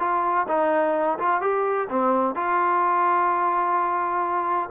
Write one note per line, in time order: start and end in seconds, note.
0.00 0.47 F4
0.48 1.19 D#4
1.19 1.41 F4
1.41 1.88 G4
1.89 2.35 C4
2.35 4.70 F4